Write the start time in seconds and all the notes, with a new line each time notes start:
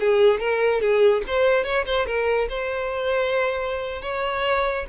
0.00 G#4
0.40 A#4
0.81 G#4
1.27 C5
1.64 C#5
1.86 C5
2.07 A#4
2.49 C5
4.02 C#5